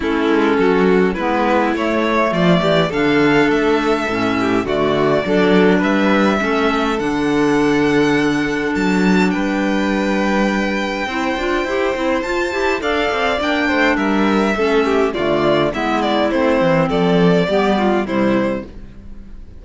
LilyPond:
<<
  \new Staff \with { instrumentName = "violin" } { \time 4/4 \tempo 4 = 103 a'2 b'4 cis''4 | d''4 f''4 e''2 | d''2 e''2 | fis''2. a''4 |
g''1~ | g''4 a''4 f''4 g''4 | e''2 d''4 e''8 d''8 | c''4 d''2 c''4 | }
  \new Staff \with { instrumentName = "violin" } { \time 4/4 e'4 fis'4 e'2 | f'8 g'8 a'2~ a'8 g'8 | fis'4 a'4 b'4 a'4~ | a'1 |
b'2. c''4~ | c''2 d''4. c''8 | ais'4 a'8 g'8 f'4 e'4~ | e'4 a'4 g'8 f'8 e'4 | }
  \new Staff \with { instrumentName = "clarinet" } { \time 4/4 cis'2 b4 a4~ | a4 d'2 cis'4 | a4 d'2 cis'4 | d'1~ |
d'2. e'8 f'8 | g'8 e'8 f'8 g'8 a'4 d'4~ | d'4 cis'4 a4 b4 | c'2 b4 g4 | }
  \new Staff \with { instrumentName = "cello" } { \time 4/4 a8 gis8 fis4 gis4 a4 | f8 e8 d4 a4 a,4 | d4 fis4 g4 a4 | d2. fis4 |
g2. c'8 d'8 | e'8 c'8 f'8 e'8 d'8 c'8 ais8 a8 | g4 a4 d4 gis4 | a8 e8 f4 g4 c4 | }
>>